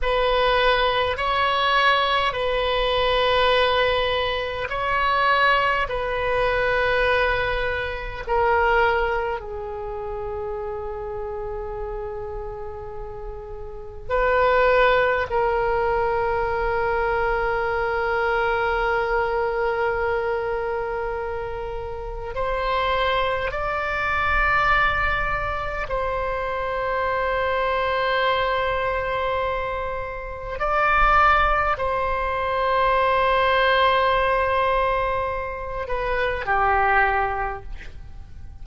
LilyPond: \new Staff \with { instrumentName = "oboe" } { \time 4/4 \tempo 4 = 51 b'4 cis''4 b'2 | cis''4 b'2 ais'4 | gis'1 | b'4 ais'2.~ |
ais'2. c''4 | d''2 c''2~ | c''2 d''4 c''4~ | c''2~ c''8 b'8 g'4 | }